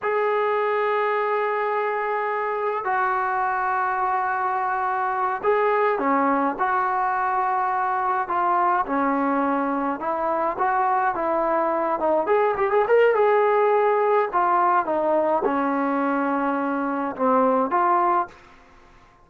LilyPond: \new Staff \with { instrumentName = "trombone" } { \time 4/4 \tempo 4 = 105 gis'1~ | gis'4 fis'2.~ | fis'4. gis'4 cis'4 fis'8~ | fis'2~ fis'8 f'4 cis'8~ |
cis'4. e'4 fis'4 e'8~ | e'4 dis'8 gis'8 g'16 gis'16 ais'8 gis'4~ | gis'4 f'4 dis'4 cis'4~ | cis'2 c'4 f'4 | }